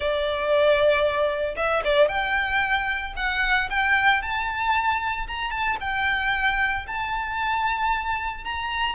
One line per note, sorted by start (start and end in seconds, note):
0.00 1.55 D5
1.56 1.82 E5
1.84 2.08 D5
2.08 3.13 G5
3.16 3.69 F#5
3.70 4.22 G5
4.22 5.27 A5
5.27 5.50 A#5
5.50 5.77 A5
5.80 6.85 G5
6.87 8.44 A5
8.44 8.95 A#5